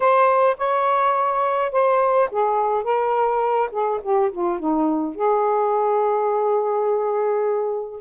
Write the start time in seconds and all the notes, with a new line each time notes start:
0.00 C5
0.57 C#5
1.72 C5
2.31 G#4
2.83 A#4
3.71 G#4
4.02 G4
4.31 F4
4.59 D#4
5.15 G#4